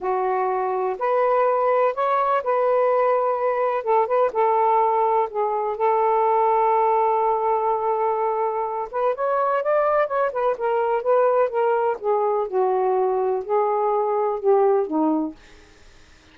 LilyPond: \new Staff \with { instrumentName = "saxophone" } { \time 4/4 \tempo 4 = 125 fis'2 b'2 | cis''4 b'2. | a'8 b'8 a'2 gis'4 | a'1~ |
a'2~ a'8 b'8 cis''4 | d''4 cis''8 b'8 ais'4 b'4 | ais'4 gis'4 fis'2 | gis'2 g'4 dis'4 | }